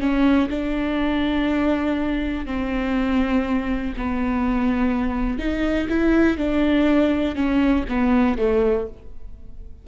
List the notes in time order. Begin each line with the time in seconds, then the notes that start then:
0.00 C#4
0.50 D4
2.46 C4
3.97 B3
5.39 D#4
5.89 E4
6.38 D4
7.35 C#4
7.88 B3
8.38 A3